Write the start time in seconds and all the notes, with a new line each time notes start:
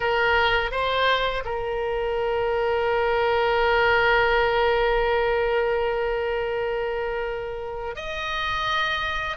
0.00 A#4
0.71 C5
1.45 A#4
7.95 D#5